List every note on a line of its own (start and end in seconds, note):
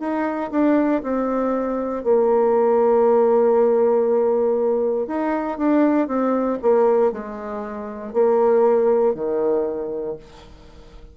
0.00 0.51 D#4
0.51 1.02 D4
1.03 2.04 C4
2.04 5.08 A#3
5.08 5.58 D#4
5.58 6.08 D4
6.08 6.59 C4
6.62 7.12 A#3
7.12 8.14 G#3
8.14 9.15 A#3
9.15 10.16 D#3